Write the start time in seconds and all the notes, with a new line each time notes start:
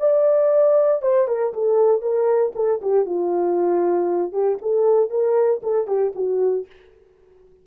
0.00 D5
1.03 C5
1.28 A#4
1.54 A4
2.02 A#4
2.55 A4
2.82 G4
3.06 F4
4.33 G4
4.62 A4
5.10 A#4
5.63 A4
5.87 G4
6.15 F#4